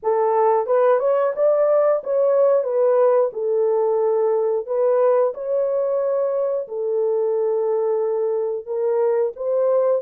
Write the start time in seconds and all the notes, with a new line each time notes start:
0.02 A4
0.66 B4
0.99 C#5
1.35 D5
2.03 C#5
2.63 B4
3.32 A4
4.66 B4
5.34 C#5
6.68 A4
8.65 A#4
9.36 C5